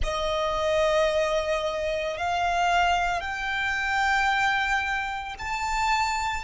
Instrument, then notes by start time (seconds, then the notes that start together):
violin
0.03 D#5
2.17 F5
3.20 G5
5.39 A5